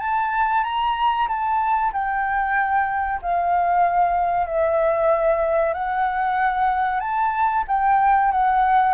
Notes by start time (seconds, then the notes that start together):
0.00 A5
0.64 A#5
1.28 A5
1.93 G5
3.22 F5
4.47 E5
5.74 F#5
7.00 A5
7.68 G5
8.32 F#5